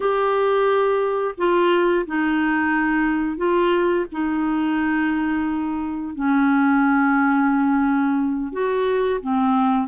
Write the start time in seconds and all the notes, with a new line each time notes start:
0.00 G4
1.37 F4
2.06 D#4
3.37 F4
4.12 D#4
6.15 C#4
8.52 F#4
9.21 C4